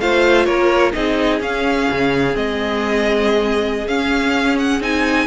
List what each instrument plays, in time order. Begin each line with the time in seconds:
0.00 cello A3, viola F4, violin C5 F5
0.45 cello A#3, violin A#4 C#5
0.92 cello C4, viola D#4, violin G#4 D#5
1.39 viola C#4, cello C#4, violin F5
1.91 cello C#3
2.33 cello G#3, viola C4, violin D#5
3.87 cello C#4, viola C#4, violin F5
4.58 violin F#5
4.80 cello C4, viola D#4, violin G#5